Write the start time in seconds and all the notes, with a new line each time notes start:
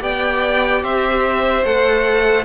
0.00 B3 G4 D5 G5
0.83 C4 C5 E5
1.64 A3 A4 F#5